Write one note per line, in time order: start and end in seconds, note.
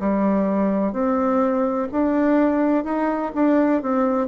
0.00 0.93 G3
0.93 1.88 C4
1.92 2.84 D4
2.84 3.32 D#4
3.35 3.82 D4
3.82 4.28 C4